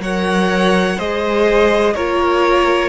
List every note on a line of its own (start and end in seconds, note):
0.00 0.97 F#3
0.00 0.99 A#4
0.00 0.97 C#5
0.00 0.99 F#5
0.97 1.96 G#3
0.97 1.96 G#4
0.97 1.94 C5
0.97 1.95 D#5
1.95 2.89 A#3
1.95 2.89 F4
1.95 2.89 A#4
1.95 2.89 C#5